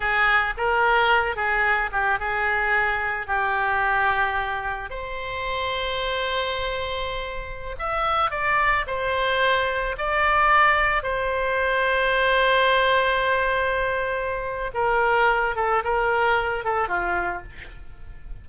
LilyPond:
\new Staff \with { instrumentName = "oboe" } { \time 4/4 \tempo 4 = 110 gis'4 ais'4. gis'4 g'8 | gis'2 g'2~ | g'4 c''2.~ | c''2~ c''16 e''4 d''8.~ |
d''16 c''2 d''4.~ d''16~ | d''16 c''2.~ c''8.~ | c''2. ais'4~ | ais'8 a'8 ais'4. a'8 f'4 | }